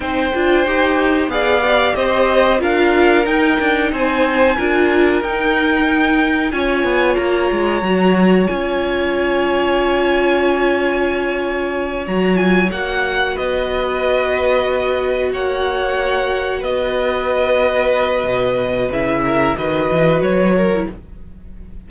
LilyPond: <<
  \new Staff \with { instrumentName = "violin" } { \time 4/4 \tempo 4 = 92 g''2 f''4 dis''4 | f''4 g''4 gis''2 | g''2 gis''4 ais''4~ | ais''4 gis''2.~ |
gis''2~ gis''8 ais''8 gis''8 fis''8~ | fis''8 dis''2. fis''8~ | fis''4. dis''2~ dis''8~ | dis''4 e''4 dis''4 cis''4 | }
  \new Staff \with { instrumentName = "violin" } { \time 4/4 c''2 d''4 c''4 | ais'2 c''4 ais'4~ | ais'2 cis''2~ | cis''1~ |
cis''1~ | cis''8 b'2. cis''8~ | cis''4. b'2~ b'8~ | b'4. ais'8 b'4. ais'8 | }
  \new Staff \with { instrumentName = "viola" } { \time 4/4 dis'8 f'8 g'4 gis'8 g'4. | f'4 dis'2 f'4 | dis'2 f'2 | fis'4 f'2.~ |
f'2~ f'8 fis'8 f'8 fis'8~ | fis'1~ | fis'1~ | fis'4 e'4 fis'4.~ fis'16 e'16 | }
  \new Staff \with { instrumentName = "cello" } { \time 4/4 c'8 d'8 dis'4 b4 c'4 | d'4 dis'8 d'8 c'4 d'4 | dis'2 cis'8 b8 ais8 gis8 | fis4 cis'2.~ |
cis'2~ cis'8 fis4 ais8~ | ais8 b2. ais8~ | ais4. b2~ b8 | b,4 cis4 dis8 e8 fis4 | }
>>